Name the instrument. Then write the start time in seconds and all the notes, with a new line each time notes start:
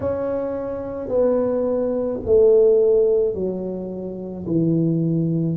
tuba
0.00 C#4
1.08 B3
2.25 A3
3.34 F#3
4.46 E3